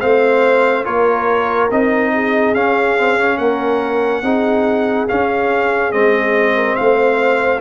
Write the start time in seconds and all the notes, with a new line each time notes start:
0.00 A3 C4 C5 F5
0.84 A#3 F4 A#4 C#5
1.71 C4 D#4 D#5
2.14 G#4
2.54 C#4 F5
2.98 C4
3.18 C#4
3.37 A#3 A#4 F#5
4.23 C4 D#4 G#4
5.08 C#4 F5
5.92 G#3 C4 D#5
6.55 A#4
6.76 A3 C5 F5